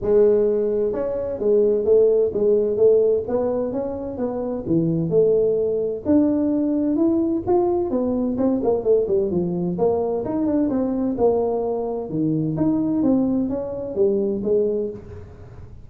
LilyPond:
\new Staff \with { instrumentName = "tuba" } { \time 4/4 \tempo 4 = 129 gis2 cis'4 gis4 | a4 gis4 a4 b4 | cis'4 b4 e4 a4~ | a4 d'2 e'4 |
f'4 b4 c'8 ais8 a8 g8 | f4 ais4 dis'8 d'8 c'4 | ais2 dis4 dis'4 | c'4 cis'4 g4 gis4 | }